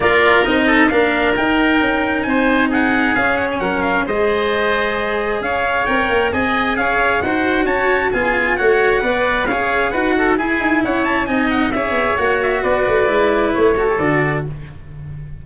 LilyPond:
<<
  \new Staff \with { instrumentName = "trumpet" } { \time 4/4 \tempo 4 = 133 d''4 dis''4 f''4 g''4~ | g''4 gis''4 fis''4 f''8 fis''16 gis''16 | fis''8 f''8 dis''2. | f''4 g''4 gis''4 f''4 |
fis''4 a''4 gis''4 fis''4~ | fis''4 f''4 fis''4 gis''4 | fis''8 a''8 gis''8 fis''8 e''4 fis''8 e''8 | d''2 cis''4 d''4 | }
  \new Staff \with { instrumentName = "oboe" } { \time 4/4 ais'4. a'8 ais'2~ | ais'4 c''4 gis'2 | ais'4 c''2. | cis''2 dis''4 cis''4 |
c''4 cis''4 gis'4 cis''4 | d''4 cis''4 b'8 a'8 gis'4 | cis''4 dis''4 cis''2 | b'2~ b'8 a'4. | }
  \new Staff \with { instrumentName = "cello" } { \time 4/4 f'4 dis'4 d'4 dis'4~ | dis'2. cis'4~ | cis'4 gis'2.~ | gis'4 ais'4 gis'2 |
fis'2 f'4 fis'4 | b'4 gis'4 fis'4 e'4~ | e'4 dis'4 gis'4 fis'4~ | fis'4 e'4. fis'16 g'16 fis'4 | }
  \new Staff \with { instrumentName = "tuba" } { \time 4/4 ais4 c'4 ais4 dis'4 | cis'4 c'2 cis'4 | fis4 gis2. | cis'4 c'8 ais8 c'4 cis'4 |
dis'4 cis'4 b4 a4 | b4 cis'4 dis'4 e'8 dis'8 | cis'4 c'4 cis'8 b8 ais4 | b8 a8 gis4 a4 d4 | }
>>